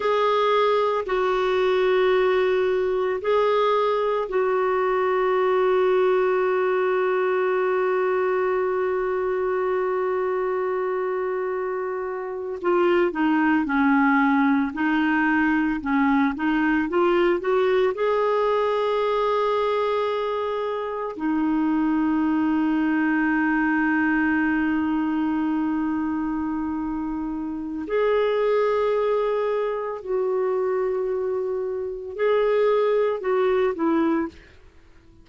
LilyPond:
\new Staff \with { instrumentName = "clarinet" } { \time 4/4 \tempo 4 = 56 gis'4 fis'2 gis'4 | fis'1~ | fis'2.~ fis'8. f'16~ | f'16 dis'8 cis'4 dis'4 cis'8 dis'8 f'16~ |
f'16 fis'8 gis'2. dis'16~ | dis'1~ | dis'2 gis'2 | fis'2 gis'4 fis'8 e'8 | }